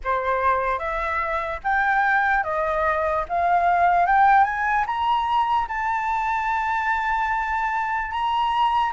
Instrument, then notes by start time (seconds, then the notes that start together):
flute
0.04 C5
0.79 E5
1.63 G5
2.43 D#5
3.28 F5
4.06 G5
4.44 G#5
4.86 A#5
5.68 A5
8.11 A#5